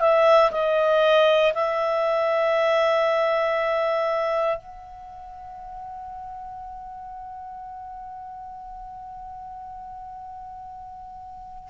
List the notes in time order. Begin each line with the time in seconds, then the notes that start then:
0.00 E5
0.51 D#5
1.54 E5
4.57 F#5